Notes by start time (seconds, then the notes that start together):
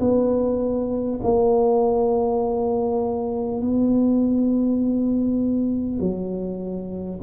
0.00 B3
1.23 A#3
3.61 B3
5.99 F#3